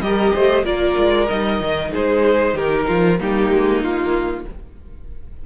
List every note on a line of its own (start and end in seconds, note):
0.00 0.32 G3
0.00 0.64 G4
0.00 0.34 A#4
0.00 0.64 D#5
0.34 0.64 A3
0.34 0.65 C5
0.64 0.95 A#3
0.64 1.28 F4
0.64 1.91 A#4
0.64 1.28 D5
0.98 1.30 G#3
1.28 1.60 G3
1.28 3.18 D#4
1.28 1.91 D#5
1.60 1.92 D#3
1.91 2.53 G#3
1.91 2.54 G#4
1.91 2.57 C5
2.53 2.85 D#3
2.53 2.86 G4
2.53 3.20 A#4
2.87 3.20 F3
2.87 3.18 F4
3.18 3.51 G3
3.18 4.45 A#3
3.18 4.46 D#4
3.18 3.83 G4
3.51 3.81 G#3
3.81 4.44 A#3
3.81 4.46 F4